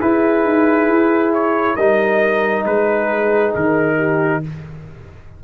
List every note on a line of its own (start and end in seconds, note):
0.00 1.78 E4
0.00 0.44 E4
0.00 1.76 G#4
0.00 1.33 B4
0.44 0.88 D#4
0.88 1.76 E4
1.34 1.76 C#5
1.76 2.65 G3
1.76 4.44 D#4
1.76 2.64 A#4
1.76 2.64 D#5
2.66 3.54 G#3
2.66 3.97 G#4
2.66 3.54 B4
3.56 4.44 D#3
3.56 4.44 A#4
3.97 4.41 G4